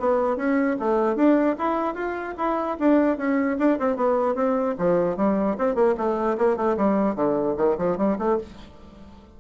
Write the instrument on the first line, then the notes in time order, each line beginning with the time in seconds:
bassoon
0.00 B3
0.37 C#4
0.80 A3
1.16 D4
1.59 E4
1.95 F4
2.38 E4
2.80 D4
3.18 C#4
3.59 D4
3.79 C4
3.97 B3
4.35 C4
4.79 F3
5.17 G3
5.59 C4
5.76 A#3
5.98 A3
6.38 A#3
6.57 A3
6.77 G3
7.16 D3
7.57 D#3
7.78 F3
7.98 G3
8.19 A3